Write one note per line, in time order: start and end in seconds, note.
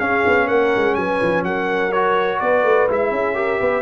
0.00 0.24 C#4
0.00 1.92 C#4
0.00 0.48 G#4
0.00 0.48 F5
0.27 0.50 B3
0.48 0.74 A#3
0.48 0.96 A#4
0.48 0.95 F#5
0.76 0.96 G#3
0.95 1.20 F#3
0.95 1.47 B4
0.95 1.43 G#5
1.22 1.43 F3
1.43 2.39 F#3
1.43 2.40 A#4
1.43 1.92 F#5
1.92 2.89 F#4
1.92 2.40 C#5
2.40 2.64 B3
2.40 3.12 B4
2.40 2.88 D5
2.64 2.88 A3
2.89 3.11 G#3
2.89 3.35 E4
2.89 3.82 E5
3.11 3.59 C#4
3.11 3.36 G#4
3.35 3.82 G4
3.35 3.60 A#4
3.60 3.82 B3
3.60 3.82 B4